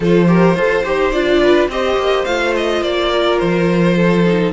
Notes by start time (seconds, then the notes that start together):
0.00 F3 F4 A4 C5
0.27 G4 A#4
0.55 F4 A4 C5
0.84 D#4 G4
1.11 D4 F4 D5
1.42 B4
1.68 C4 G4 C5 D#5
1.96 A#3
2.25 A3 F4 F5
2.55 D#5
2.81 A#3 D5
3.11 A#4
3.38 F3 C5
3.96 A4
4.25 D#4